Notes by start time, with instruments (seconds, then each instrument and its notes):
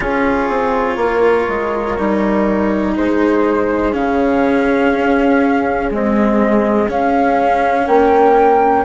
0.00 bassoon C#4, cello F4, horn G#4, flute C#5
0.49 bassoon C4
0.96 bassoon A#3, horn A#4
1.48 bassoon G#3
1.98 bassoon G3, cello D#4
2.96 bassoon G#3, horn G#4, flute C5
3.92 bassoon C#3, cello C#4, flute F5
4.93 bassoon C#4
5.91 cello G#3, bassoon C4, flute D#5
6.87 bassoon C#4, cello C#4, flute F5
7.86 bassoon A#3, horn A#4, flute G5